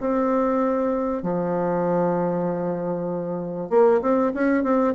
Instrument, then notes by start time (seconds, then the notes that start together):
bassoon
0.00 C4
1.23 F3
3.70 A#3
4.01 C4
4.34 C#4
4.63 C4